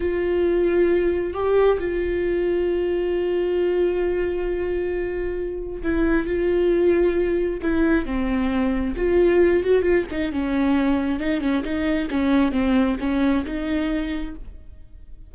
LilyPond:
\new Staff \with { instrumentName = "viola" } { \time 4/4 \tempo 4 = 134 f'2. g'4 | f'1~ | f'1~ | f'4 e'4 f'2~ |
f'4 e'4 c'2 | f'4. fis'8 f'8 dis'8 cis'4~ | cis'4 dis'8 cis'8 dis'4 cis'4 | c'4 cis'4 dis'2 | }